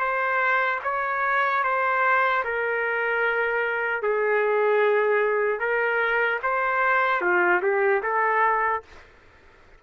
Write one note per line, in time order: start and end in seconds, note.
0.00 0.80 C5
0.84 1.64 C#5
1.64 2.44 C5
2.44 4.03 A#4
4.03 5.60 G#4
5.60 6.40 A#4
6.43 7.21 C5
7.21 7.61 F4
7.63 8.03 G4
8.03 8.83 A4